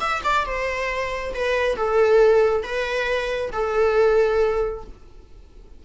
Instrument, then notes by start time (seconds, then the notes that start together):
viola
0.00 E5
0.24 D5
0.46 C5
1.34 B4
1.76 A4
2.63 B4
3.52 A4